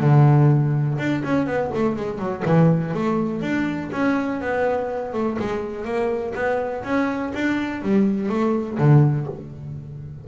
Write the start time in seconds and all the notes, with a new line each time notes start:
0.00 D3
0.98 D4
1.24 C#4
1.47 B3
1.75 A3
1.96 G#3
2.18 F#3
2.45 E3
2.94 A3
3.41 D4
3.92 C#4
4.41 B3
5.13 A3
5.39 G#3
5.84 A#3
6.34 B3
6.83 C#4
7.34 D4
7.82 G3
8.29 A3
8.78 D3